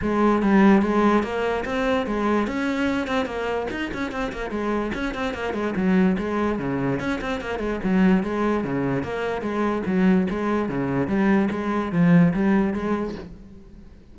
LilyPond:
\new Staff \with { instrumentName = "cello" } { \time 4/4 \tempo 4 = 146 gis4 g4 gis4 ais4 | c'4 gis4 cis'4. c'8 | ais4 dis'8 cis'8 c'8 ais8 gis4 | cis'8 c'8 ais8 gis8 fis4 gis4 |
cis4 cis'8 c'8 ais8 gis8 fis4 | gis4 cis4 ais4 gis4 | fis4 gis4 cis4 g4 | gis4 f4 g4 gis4 | }